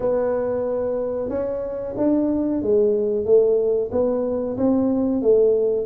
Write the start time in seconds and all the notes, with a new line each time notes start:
0.00 B3
1.29 C#4
1.97 D4
2.61 G#3
3.25 A3
3.91 B3
4.57 C4
5.22 A3